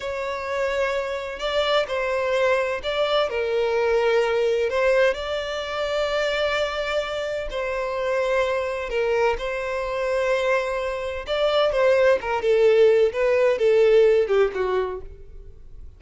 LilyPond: \new Staff \with { instrumentName = "violin" } { \time 4/4 \tempo 4 = 128 cis''2. d''4 | c''2 d''4 ais'4~ | ais'2 c''4 d''4~ | d''1 |
c''2. ais'4 | c''1 | d''4 c''4 ais'8 a'4. | b'4 a'4. g'8 fis'4 | }